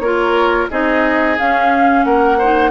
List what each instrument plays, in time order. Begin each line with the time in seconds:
0.00 bassoon A#3, clarinet F4, oboe A#4, flute C#5
0.71 bassoon C4, clarinet D#4, oboe G#4, flute D#5
1.39 clarinet C#4, bassoon C#4, flute F5
2.05 bassoon A#3, oboe A#4, flute F#5
2.38 clarinet D#4, oboe C5